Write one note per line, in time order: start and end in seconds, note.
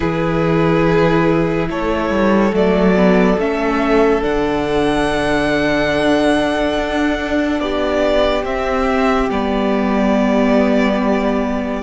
0.00 1.69 E3
0.00 2.52 E4
0.00 1.68 G#4
0.00 1.68 B4
1.69 2.10 A3
1.69 7.61 A4
1.69 2.54 C#5
2.10 2.52 G3
2.52 3.37 F#3
2.52 2.95 A3
2.52 3.39 D5
2.95 3.38 B3
3.38 4.22 A3
3.38 4.21 C#4
3.38 4.23 E5
4.21 6.78 D3
4.21 8.43 D4
4.21 7.60 F#5
6.78 7.60 D4
7.60 8.43 B3
7.60 11.82 G4
7.60 8.44 D5
8.43 9.27 C4
8.43 9.29 C4
8.43 9.29 E5
9.30 11.82 G3
9.30 11.82 B3
9.30 11.82 D5